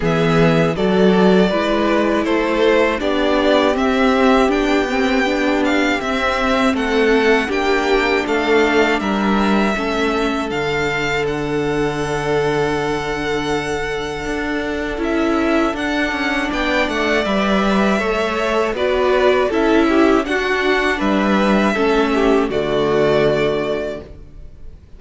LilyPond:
<<
  \new Staff \with { instrumentName = "violin" } { \time 4/4 \tempo 4 = 80 e''4 d''2 c''4 | d''4 e''4 g''4. f''8 | e''4 fis''4 g''4 f''4 | e''2 f''4 fis''4~ |
fis''1 | e''4 fis''4 g''8 fis''8 e''4~ | e''4 d''4 e''4 fis''4 | e''2 d''2 | }
  \new Staff \with { instrumentName = "violin" } { \time 4/4 gis'4 a'4 b'4 a'4 | g'1~ | g'4 a'4 g'4 a'4 | ais'4 a'2.~ |
a'1~ | a'2 d''2 | cis''4 b'4 a'8 g'8 fis'4 | b'4 a'8 g'8 fis'2 | }
  \new Staff \with { instrumentName = "viola" } { \time 4/4 b4 fis'4 e'2 | d'4 c'4 d'8 c'8 d'4 | c'2 d'2~ | d'4 cis'4 d'2~ |
d'1 | e'4 d'2 b'4 | a'4 fis'4 e'4 d'4~ | d'4 cis'4 a2 | }
  \new Staff \with { instrumentName = "cello" } { \time 4/4 e4 fis4 gis4 a4 | b4 c'4 b2 | c'4 a4 ais4 a4 | g4 a4 d2~ |
d2. d'4 | cis'4 d'8 cis'8 b8 a8 g4 | a4 b4 cis'4 d'4 | g4 a4 d2 | }
>>